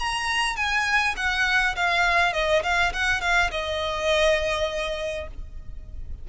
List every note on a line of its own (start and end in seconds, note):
0.00 0.56 A#5
0.56 1.15 G#5
1.17 1.76 F#5
1.76 2.33 F5
2.33 2.63 D#5
2.63 2.93 F5
2.93 3.21 F#5
3.21 3.51 F5
3.51 5.28 D#5